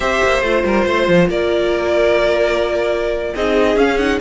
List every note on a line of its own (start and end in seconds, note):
0.00 0.21 C4
0.00 0.43 G4
0.00 0.64 C5
0.00 0.42 E5
0.23 0.41 A#3
0.41 0.63 A3
0.41 3.35 F4
0.41 1.29 C5
0.64 0.86 G3
0.64 0.85 A#4
0.85 1.07 A3
0.85 1.28 C5
1.07 1.28 F3
1.28 3.33 A#3
1.28 3.34 A#4
1.28 3.34 D5
3.34 3.76 C4
3.34 3.77 D#4
3.34 4.20 G#4
3.34 3.77 D#5
3.76 4.19 C#4
3.76 3.98 C#4
3.76 3.97 F5
3.97 4.20 D#4
3.97 4.19 F#5